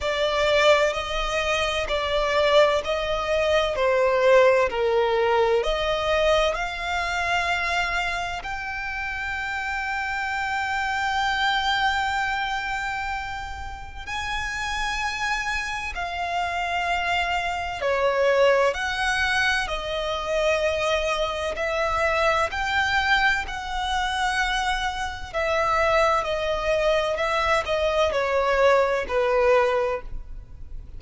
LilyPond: \new Staff \with { instrumentName = "violin" } { \time 4/4 \tempo 4 = 64 d''4 dis''4 d''4 dis''4 | c''4 ais'4 dis''4 f''4~ | f''4 g''2.~ | g''2. gis''4~ |
gis''4 f''2 cis''4 | fis''4 dis''2 e''4 | g''4 fis''2 e''4 | dis''4 e''8 dis''8 cis''4 b'4 | }